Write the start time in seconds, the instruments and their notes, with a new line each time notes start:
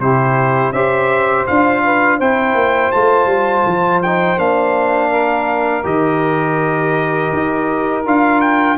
0.00 tuba C3, trombone E4, saxophone G4, trumpet C5
0.72 tuba C#4, trombone G4, saxophone C5, trumpet E5
1.47 tuba D4, trombone F4, trumpet F5
1.84 saxophone B4
2.18 tuba C4, trombone E4, saxophone C5, trumpet G5
2.54 tuba A#3
2.92 tuba A3, trombone F4, trumpet A5
3.26 tuba G3
3.66 tuba F3
4.03 trombone D#4, trumpet G5
4.38 tuba A#3, trombone D4, trumpet F5
5.11 saxophone A#4
5.83 tuba D#3, trombone G4, trumpet D#5
7.33 tuba D#4
8.06 tuba D4, trombone F4, trumpet F5
8.41 trumpet G5